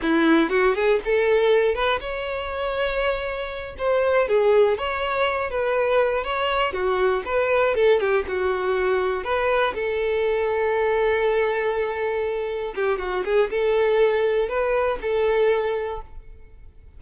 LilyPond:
\new Staff \with { instrumentName = "violin" } { \time 4/4 \tempo 4 = 120 e'4 fis'8 gis'8 a'4. b'8 | cis''2.~ cis''8 c''8~ | c''8 gis'4 cis''4. b'4~ | b'8 cis''4 fis'4 b'4 a'8 |
g'8 fis'2 b'4 a'8~ | a'1~ | a'4. g'8 fis'8 gis'8 a'4~ | a'4 b'4 a'2 | }